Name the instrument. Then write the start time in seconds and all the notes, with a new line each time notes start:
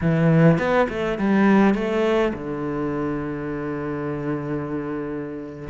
cello
0.01 E3
0.58 B3
0.89 A3
1.18 G3
1.74 A3
2.33 D3